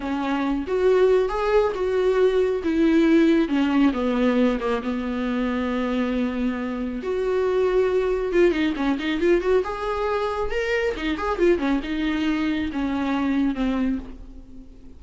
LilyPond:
\new Staff \with { instrumentName = "viola" } { \time 4/4 \tempo 4 = 137 cis'4. fis'4. gis'4 | fis'2 e'2 | cis'4 b4. ais8 b4~ | b1 |
fis'2. f'8 dis'8 | cis'8 dis'8 f'8 fis'8 gis'2 | ais'4 dis'8 gis'8 f'8 cis'8 dis'4~ | dis'4 cis'2 c'4 | }